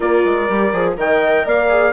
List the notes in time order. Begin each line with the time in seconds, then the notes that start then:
0.00 A#3 F4 A#4 D5
0.24 G#3
0.49 G3 G4
0.72 F3 G#4
0.97 D#3 A#4 D#5 G5
1.45 A#3 D5 F5
1.68 G#4